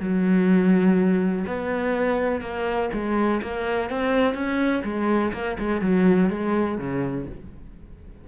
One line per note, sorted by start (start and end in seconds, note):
0.00 1.45 F#3
1.47 2.41 B3
2.41 2.90 A#3
2.93 3.42 G#3
3.42 3.90 A#3
3.90 4.35 C4
4.35 4.83 C#4
4.84 5.32 G#3
5.33 5.57 A#3
5.59 5.82 G#3
5.82 6.30 F#3
6.30 6.78 G#3
6.78 7.26 C#3